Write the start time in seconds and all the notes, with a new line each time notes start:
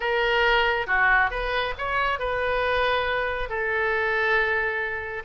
0.00 A#4
0.86 F#4
1.30 B4
1.78 C#5
2.19 B4
3.49 A4